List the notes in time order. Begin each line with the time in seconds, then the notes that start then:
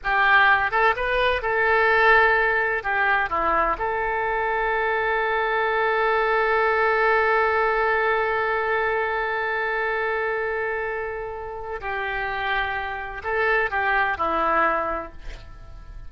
0.03 G4
0.71 A4
0.96 B4
1.42 A4
2.83 G4
3.29 E4
3.78 A4
11.80 G4
13.23 A4
13.70 G4
14.17 E4